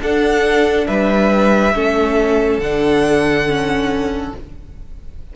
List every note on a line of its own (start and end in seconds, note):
0.00 0.87 D4
0.00 1.74 D4
0.00 0.88 A4
0.00 0.87 F#5
0.87 1.75 G3
0.87 1.75 B4
0.87 2.60 E5
1.74 2.58 A3
1.74 2.61 C#4
1.74 4.36 A4
2.58 4.32 D3
2.58 3.47 D4
2.58 4.34 F#5
3.47 4.34 C#4